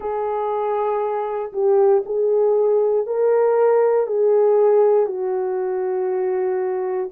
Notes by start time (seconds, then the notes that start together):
0.00 G#4
1.53 G4
2.05 G#4
3.06 A#4
4.06 G#4
5.06 F#4